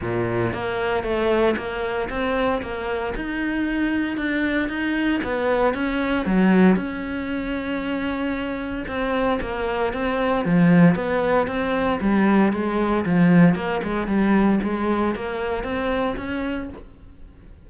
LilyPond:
\new Staff \with { instrumentName = "cello" } { \time 4/4 \tempo 4 = 115 ais,4 ais4 a4 ais4 | c'4 ais4 dis'2 | d'4 dis'4 b4 cis'4 | fis4 cis'2.~ |
cis'4 c'4 ais4 c'4 | f4 b4 c'4 g4 | gis4 f4 ais8 gis8 g4 | gis4 ais4 c'4 cis'4 | }